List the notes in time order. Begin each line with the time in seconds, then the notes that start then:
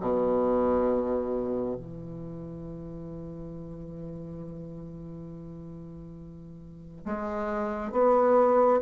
0.00 B2
1.76 E3
7.05 G#3
7.92 B3